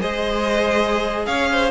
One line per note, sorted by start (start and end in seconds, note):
0.00 1.27 G#3
0.00 1.70 G#4
0.00 1.25 C5
0.00 1.26 D#5
1.26 1.71 C#4
1.26 1.49 C#5
1.26 1.71 F5
1.51 1.71 C5